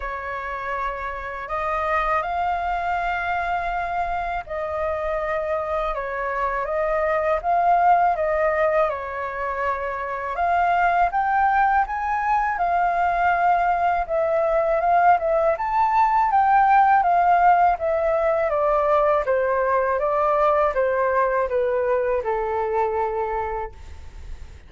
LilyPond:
\new Staff \with { instrumentName = "flute" } { \time 4/4 \tempo 4 = 81 cis''2 dis''4 f''4~ | f''2 dis''2 | cis''4 dis''4 f''4 dis''4 | cis''2 f''4 g''4 |
gis''4 f''2 e''4 | f''8 e''8 a''4 g''4 f''4 | e''4 d''4 c''4 d''4 | c''4 b'4 a'2 | }